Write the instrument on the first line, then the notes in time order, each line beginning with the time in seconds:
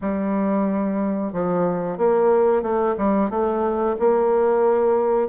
bassoon
0.01 G3
1.32 F3
1.97 A#3
2.62 A3
2.97 G3
3.30 A3
3.99 A#3